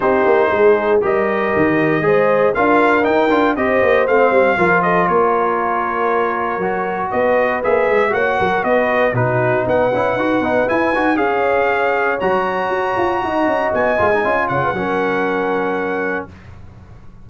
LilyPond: <<
  \new Staff \with { instrumentName = "trumpet" } { \time 4/4 \tempo 4 = 118 c''2 dis''2~ | dis''4 f''4 g''4 dis''4 | f''4. dis''8 cis''2~ | cis''2 dis''4 e''4 |
fis''4 dis''4 b'4 fis''4~ | fis''4 gis''4 f''2 | ais''2. gis''4~ | gis''8 fis''2.~ fis''8 | }
  \new Staff \with { instrumentName = "horn" } { \time 4/4 g'4 gis'4 ais'2 | c''4 ais'2 c''4~ | c''4 ais'8 a'8 ais'2~ | ais'2 b'2 |
cis''8 ais'8 b'4 fis'4 b'4~ | b'2 cis''2~ | cis''2 dis''2~ | dis''8 cis''16 b'16 ais'2. | }
  \new Staff \with { instrumentName = "trombone" } { \time 4/4 dis'2 g'2 | gis'4 f'4 dis'8 f'8 g'4 | c'4 f'2.~ | f'4 fis'2 gis'4 |
fis'2 dis'4. e'8 | fis'8 dis'8 e'8 fis'8 gis'2 | fis'2.~ fis'8 f'16 dis'16 | f'4 cis'2. | }
  \new Staff \with { instrumentName = "tuba" } { \time 4/4 c'8 ais8 gis4 g4 dis4 | gis4 d'4 dis'8 d'8 c'8 ais8 | a8 g8 f4 ais2~ | ais4 fis4 b4 ais8 gis8 |
ais8 fis8 b4 b,4 b8 cis'8 | dis'8 b8 e'8 dis'8 cis'2 | fis4 fis'8 f'8 dis'8 cis'8 b8 gis8 | cis'8 cis8 fis2. | }
>>